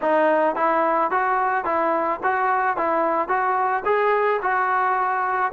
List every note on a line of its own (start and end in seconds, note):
0.01 0.55 D#4
0.55 1.10 E4
1.10 1.64 F#4
1.64 2.19 E4
2.23 2.76 F#4
2.76 3.28 E4
3.28 3.83 F#4
3.85 4.40 G#4
4.42 5.52 F#4